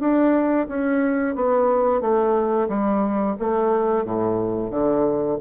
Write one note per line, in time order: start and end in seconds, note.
0.00 0.67 D4
0.69 1.36 C#4
1.36 2.01 B3
2.01 2.69 A3
2.69 3.36 G3
3.40 4.05 A3
4.05 4.71 A2
4.71 5.38 D3